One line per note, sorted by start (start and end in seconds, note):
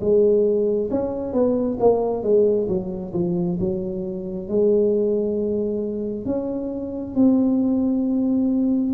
0.00 0.90 G#3
0.90 1.33 C#4
1.33 1.77 B3
1.80 2.23 A#3
2.23 2.67 G#3
2.68 3.13 F#3
3.13 3.58 F3
3.59 4.48 F#3
4.48 6.25 G#3
6.25 7.15 C#4
7.15 8.93 C4